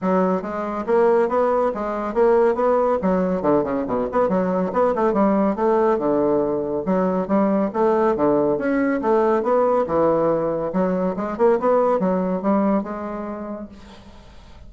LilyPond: \new Staff \with { instrumentName = "bassoon" } { \time 4/4 \tempo 4 = 140 fis4 gis4 ais4 b4 | gis4 ais4 b4 fis4 | d8 cis8 b,8 b8 fis4 b8 a8 | g4 a4 d2 |
fis4 g4 a4 d4 | cis'4 a4 b4 e4~ | e4 fis4 gis8 ais8 b4 | fis4 g4 gis2 | }